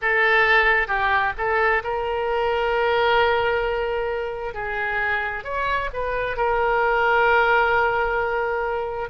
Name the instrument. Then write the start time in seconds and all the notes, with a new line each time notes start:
oboe
0.01 A4
0.87 G4
1.37 A4
1.83 A#4
4.53 G#4
5.44 C#5
5.93 B4
6.36 A#4